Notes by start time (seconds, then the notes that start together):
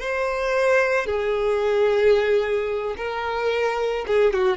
0.00 C5
1.06 G#4
2.97 A#4
4.07 G#4
4.33 F#4